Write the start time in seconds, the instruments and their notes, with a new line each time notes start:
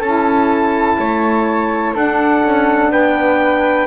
0.00 double bass C#4, saxophone E4, flute A4, trumpet A5
0.99 double bass A3, flute C#5
1.95 double bass D4, saxophone D4, flute A4, trumpet F#5
2.44 double bass C#4
2.91 double bass B3, flute B4, trumpet G5